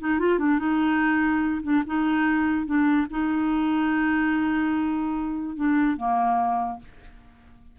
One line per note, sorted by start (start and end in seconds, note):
0.00 0.19 D#4
0.19 0.39 F4
0.39 0.59 D4
0.59 1.62 D#4
1.63 1.83 D4
1.86 2.66 D#4
2.66 3.07 D4
3.11 5.56 D#4
5.56 5.97 D4
5.97 6.79 A#3